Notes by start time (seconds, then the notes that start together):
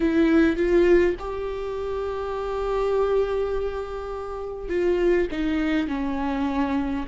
0.00 E4
0.56 F4
1.19 G4
4.68 F4
5.31 D#4
5.87 C#4